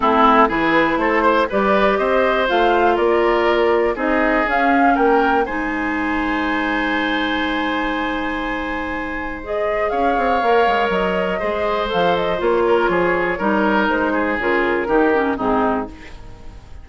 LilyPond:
<<
  \new Staff \with { instrumentName = "flute" } { \time 4/4 \tempo 4 = 121 a'4 b'4 c''4 d''4 | dis''4 f''4 d''2 | dis''4 f''4 g''4 gis''4~ | gis''1~ |
gis''2. dis''4 | f''2 dis''2 | f''8 dis''8 cis''2. | c''4 ais'2 gis'4 | }
  \new Staff \with { instrumentName = "oboe" } { \time 4/4 e'4 gis'4 a'8 c''8 b'4 | c''2 ais'2 | gis'2 ais'4 c''4~ | c''1~ |
c''1 | cis''2. c''4~ | c''4. ais'8 gis'4 ais'4~ | ais'8 gis'4. g'4 dis'4 | }
  \new Staff \with { instrumentName = "clarinet" } { \time 4/4 c'4 e'2 g'4~ | g'4 f'2. | dis'4 cis'2 dis'4~ | dis'1~ |
dis'2. gis'4~ | gis'4 ais'2 gis'4 | a'4 f'2 dis'4~ | dis'4 f'4 dis'8 cis'8 c'4 | }
  \new Staff \with { instrumentName = "bassoon" } { \time 4/4 a4 e4 a4 g4 | c'4 a4 ais2 | c'4 cis'4 ais4 gis4~ | gis1~ |
gis1 | cis'8 c'8 ais8 gis8 fis4 gis4 | f4 ais4 f4 g4 | gis4 cis4 dis4 gis,4 | }
>>